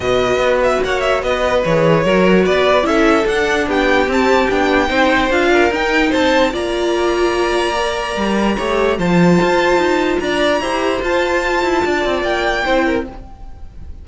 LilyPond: <<
  \new Staff \with { instrumentName = "violin" } { \time 4/4 \tempo 4 = 147 dis''4. e''8 fis''8 e''8 dis''4 | cis''2 d''4 e''4 | fis''4 g''4 a''4 g''4~ | g''4 f''4 g''4 a''4 |
ais''1~ | ais''2 a''2~ | a''4 ais''2 a''4~ | a''2 g''2 | }
  \new Staff \with { instrumentName = "violin" } { \time 4/4 b'2 cis''4 b'4~ | b'4 ais'4 b'4 a'4~ | a'4 g'2. | c''4. ais'4. c''4 |
d''1~ | d''4 cis''4 c''2~ | c''4 d''4 c''2~ | c''4 d''2 c''8 ais'8 | }
  \new Staff \with { instrumentName = "viola" } { \time 4/4 fis'1 | gis'4 fis'2 e'4 | d'2 c'4 d'4 | dis'4 f'4 dis'2 |
f'2. ais'4~ | ais'4 g'4 f'2~ | f'2 g'4 f'4~ | f'2. e'4 | }
  \new Staff \with { instrumentName = "cello" } { \time 4/4 b,4 b4 ais4 b4 | e4 fis4 b4 cis'4 | d'4 b4 c'4 b4 | c'4 d'4 dis'4 c'4 |
ais1 | g4 a4 f4 f'4 | dis'4 d'4 e'4 f'4~ | f'8 e'8 d'8 c'8 ais4 c'4 | }
>>